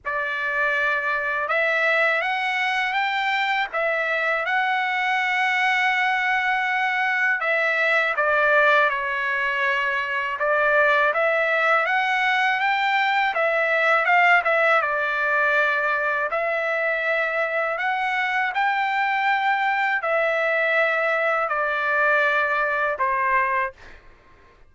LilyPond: \new Staff \with { instrumentName = "trumpet" } { \time 4/4 \tempo 4 = 81 d''2 e''4 fis''4 | g''4 e''4 fis''2~ | fis''2 e''4 d''4 | cis''2 d''4 e''4 |
fis''4 g''4 e''4 f''8 e''8 | d''2 e''2 | fis''4 g''2 e''4~ | e''4 d''2 c''4 | }